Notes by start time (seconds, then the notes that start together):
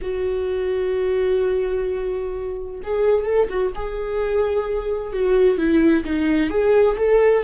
0.01 F#4
2.83 G#4
3.25 A4
3.49 F#4
3.75 G#4
5.13 F#4
5.57 E4
6.04 D#4
6.49 G#4
6.97 A4